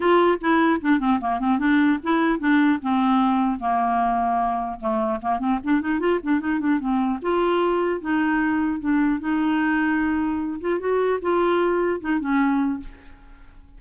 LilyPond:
\new Staff \with { instrumentName = "clarinet" } { \time 4/4 \tempo 4 = 150 f'4 e'4 d'8 c'8 ais8 c'8 | d'4 e'4 d'4 c'4~ | c'4 ais2. | a4 ais8 c'8 d'8 dis'8 f'8 d'8 |
dis'8 d'8 c'4 f'2 | dis'2 d'4 dis'4~ | dis'2~ dis'8 f'8 fis'4 | f'2 dis'8 cis'4. | }